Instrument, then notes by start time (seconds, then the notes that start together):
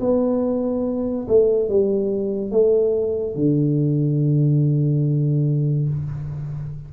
tuba
0.00 B3
1.28 A3
1.69 G3
2.52 A3
3.35 D3